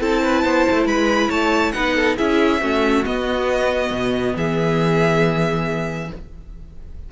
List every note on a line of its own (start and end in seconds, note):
0.00 0.43 C4
0.00 1.73 E4
0.00 0.22 A4
0.00 0.87 A5
0.22 0.43 B4
0.43 0.65 B3
0.43 0.86 C5
0.70 0.85 A3
0.85 1.29 G#3
0.85 1.29 B4
0.85 1.30 B5
1.29 1.73 A3
1.29 1.72 C#5
1.29 1.72 A5
1.72 2.18 B3
1.72 2.17 D#4
1.72 1.96 B4
1.72 2.15 F#5
1.96 2.17 A4
2.17 2.61 C#4
2.17 2.60 E4
2.17 2.60 G#4
2.17 3.04 E5
2.61 3.05 A3
2.61 3.04 C#4
2.61 4.35 F#4
3.05 6.09 B3
3.05 3.90 B3
3.05 4.35 D#5
3.90 4.33 B2
4.35 6.10 E3
4.35 6.09 G#4
4.35 6.11 E5